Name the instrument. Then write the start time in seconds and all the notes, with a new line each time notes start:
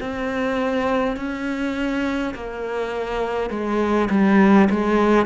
cello
0.00 C4
1.16 C#4
2.34 A#3
3.50 G#3
4.10 G3
4.70 G#3